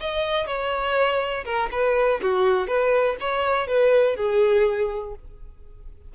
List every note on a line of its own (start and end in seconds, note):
0.00 0.46 D#5
0.46 1.45 C#5
1.45 1.69 A#4
1.71 2.20 B4
2.22 2.67 F#4
2.67 3.16 B4
3.20 3.67 C#5
3.67 4.16 B4
4.16 5.15 G#4